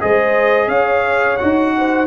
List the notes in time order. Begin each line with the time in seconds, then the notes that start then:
0.00 G#3 G#4 C5 D#5
0.67 C#4 C#5 F5
1.37 D#4 F#4 F#5
1.77 C5